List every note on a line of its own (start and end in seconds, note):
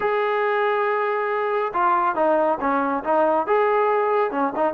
0.00 1.72 G#4
1.73 2.15 F4
2.15 2.58 D#4
2.60 3.03 C#4
3.04 3.46 D#4
3.46 4.31 G#4
4.31 4.52 C#4
4.55 4.73 D#4